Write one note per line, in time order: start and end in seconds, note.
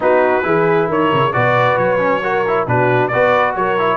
0.00 0.44 B3
0.00 0.42 D#4
0.00 0.45 F#4
0.00 0.90 B4
0.42 0.88 E3
0.42 1.31 E4
0.42 0.88 G#4
0.88 1.11 D#3
0.88 1.32 A#4
0.88 1.33 C#5
1.13 1.35 C#3
1.33 1.77 B2
1.33 1.98 F#4
1.33 2.22 B4
1.33 1.77 D5
1.77 2.66 F#3
1.77 2.66 C#5
1.98 2.21 C#4
2.23 2.45 F#4
2.23 2.67 A#4
2.47 2.67 E4
2.66 3.11 B2
2.66 3.11 D4
2.66 3.11 F#4
2.66 3.08 B4
3.08 3.55 B3
3.08 3.78 F#4
3.08 3.55 B4
3.08 3.52 D5
3.55 3.96 F#3
3.55 3.96 A#4
3.55 3.96 C#5
3.78 3.96 E4